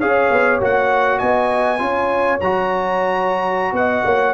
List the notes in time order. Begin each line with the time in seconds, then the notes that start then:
0.00 C#4 G#4 C#5 F5
0.31 B3
0.61 A#3 F#4 F#5
1.19 B3 D#5 G#5
1.79 C#4 F4 C#5
2.41 F#3 F#4 A#5
3.73 B3 D#5 F#5
4.05 A#3 C#5